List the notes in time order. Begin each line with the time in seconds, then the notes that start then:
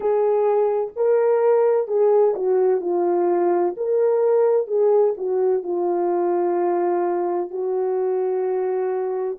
0.00 G#4
0.96 A#4
1.87 G#4
2.35 F#4
2.80 F4
3.77 A#4
4.67 G#4
5.17 F#4
5.63 F4
7.50 F#4